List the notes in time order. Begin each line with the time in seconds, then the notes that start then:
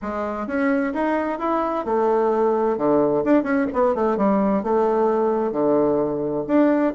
0.01 G#3
0.47 C#4
0.93 D#4
1.38 E4
1.85 A3
2.77 D3
3.24 D4
3.43 C#4
3.73 B3
3.94 A3
4.17 G3
4.63 A3
5.52 D3
6.47 D4